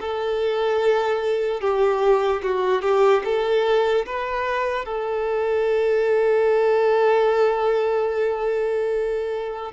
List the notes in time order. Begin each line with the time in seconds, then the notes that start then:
0.00 A4
1.61 G4
2.43 F#4
2.82 G4
3.24 A4
4.06 B4
4.85 A4